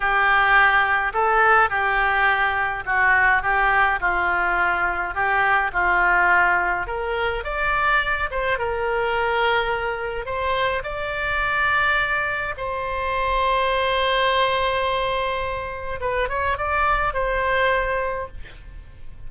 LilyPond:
\new Staff \with { instrumentName = "oboe" } { \time 4/4 \tempo 4 = 105 g'2 a'4 g'4~ | g'4 fis'4 g'4 f'4~ | f'4 g'4 f'2 | ais'4 d''4. c''8 ais'4~ |
ais'2 c''4 d''4~ | d''2 c''2~ | c''1 | b'8 cis''8 d''4 c''2 | }